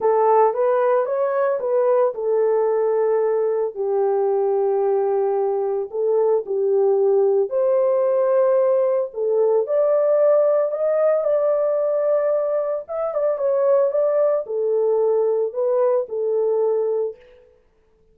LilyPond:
\new Staff \with { instrumentName = "horn" } { \time 4/4 \tempo 4 = 112 a'4 b'4 cis''4 b'4 | a'2. g'4~ | g'2. a'4 | g'2 c''2~ |
c''4 a'4 d''2 | dis''4 d''2. | e''8 d''8 cis''4 d''4 a'4~ | a'4 b'4 a'2 | }